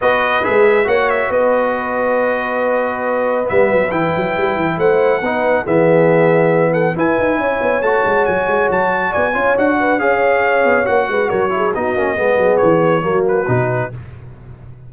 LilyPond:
<<
  \new Staff \with { instrumentName = "trumpet" } { \time 4/4 \tempo 4 = 138 dis''4 e''4 fis''8 e''8 dis''4~ | dis''1 | e''4 g''2 fis''4~ | fis''4 e''2~ e''8 fis''8 |
gis''2 a''4 gis''4 | a''4 gis''4 fis''4 f''4~ | f''4 fis''4 cis''4 dis''4~ | dis''4 cis''4. b'4. | }
  \new Staff \with { instrumentName = "horn" } { \time 4/4 b'2 cis''4 b'4~ | b'1~ | b'2. c''4 | b'4 gis'2~ gis'8 a'8 |
b'4 cis''2.~ | cis''4 d''8 cis''4 b'8 cis''4~ | cis''4. b'8 ais'8 gis'8 fis'4 | gis'2 fis'2 | }
  \new Staff \with { instrumentName = "trombone" } { \time 4/4 fis'4 gis'4 fis'2~ | fis'1 | b4 e'2. | dis'4 b2. |
e'2 fis'2~ | fis'4. f'8 fis'4 gis'4~ | gis'4 fis'4. e'8 dis'8 cis'8 | b2 ais4 dis'4 | }
  \new Staff \with { instrumentName = "tuba" } { \time 4/4 b4 gis4 ais4 b4~ | b1 | g8 fis8 e8 fis8 g8 e8 a4 | b4 e2. |
e'8 dis'8 cis'8 b8 a8 gis8 fis8 gis8 | fis4 b8 cis'8 d'4 cis'4~ | cis'8 b8 ais8 gis8 fis4 b8 ais8 | gis8 fis8 e4 fis4 b,4 | }
>>